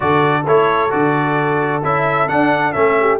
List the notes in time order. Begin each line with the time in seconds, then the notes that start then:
0.00 D3 F#4 A4 D5
0.46 A3 E4 C#5
0.90 D3 F#4 D5
1.83 C#4 E4 E5
2.28 D4 F#5
2.72 A3 C#4 E5
3.00 G4